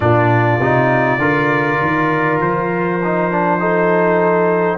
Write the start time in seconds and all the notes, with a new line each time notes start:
0.00 A#2 D4 F4 D5
0.59 C3 D#4
1.18 D3 F4 A#4
1.81 D#3
2.40 F3 C5
3.03 D#4
3.31 D4
3.59 D#4 A4